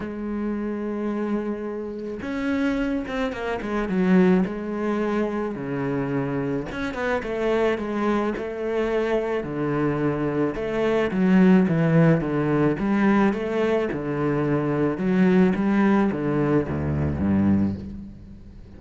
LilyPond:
\new Staff \with { instrumentName = "cello" } { \time 4/4 \tempo 4 = 108 gis1 | cis'4. c'8 ais8 gis8 fis4 | gis2 cis2 | cis'8 b8 a4 gis4 a4~ |
a4 d2 a4 | fis4 e4 d4 g4 | a4 d2 fis4 | g4 d4 d,4 g,4 | }